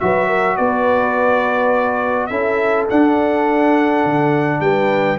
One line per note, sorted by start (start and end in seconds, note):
0.00 0.59 F#3
0.00 2.31 F#4
0.00 0.28 B4
0.00 0.57 E5
0.28 0.57 A#4
0.57 2.30 B3
0.57 2.30 B4
0.57 2.27 D5
2.27 2.88 C#4
2.27 2.89 E4
2.27 4.60 A4
2.27 2.85 E5
2.89 5.19 D4
2.89 4.05 D4
2.89 4.61 F#5
4.05 4.61 D3
4.61 5.18 G3
4.61 5.19 B4
4.61 5.19 G5